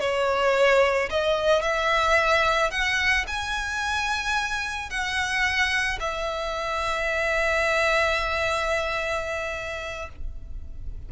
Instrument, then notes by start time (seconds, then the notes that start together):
violin
0.00 C#5
1.10 D#5
1.62 E5
2.71 F#5
3.27 G#5
4.90 F#5
6.00 E5